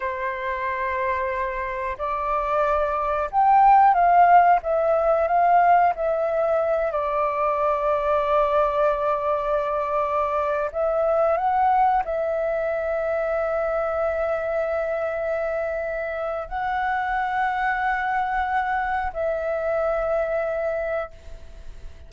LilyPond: \new Staff \with { instrumentName = "flute" } { \time 4/4 \tempo 4 = 91 c''2. d''4~ | d''4 g''4 f''4 e''4 | f''4 e''4. d''4.~ | d''1~ |
d''16 e''4 fis''4 e''4.~ e''16~ | e''1~ | e''4 fis''2.~ | fis''4 e''2. | }